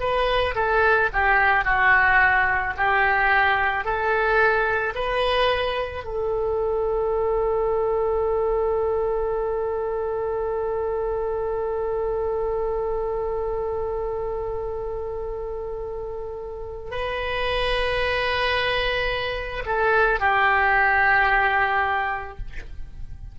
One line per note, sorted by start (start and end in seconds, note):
0.00 0.55 B4
0.55 1.10 A4
1.13 1.65 G4
1.65 2.74 F#4
2.77 3.84 G4
3.84 4.93 A4
4.95 6.04 B4
6.04 16.91 A4
16.91 19.64 B4
19.66 20.20 A4
20.20 22.38 G4